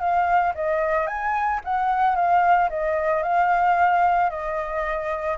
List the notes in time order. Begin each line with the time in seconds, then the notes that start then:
0.00 F5
0.55 D#5
1.07 G#5
1.65 F#5
2.16 F5
2.70 D#5
3.23 F5
4.30 D#5